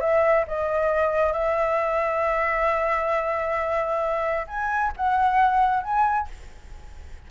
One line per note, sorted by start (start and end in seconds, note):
0.00 0.45 E5
0.47 1.32 D#5
1.32 4.46 E5
4.47 4.92 G#5
4.96 5.83 F#5
5.83 6.28 G#5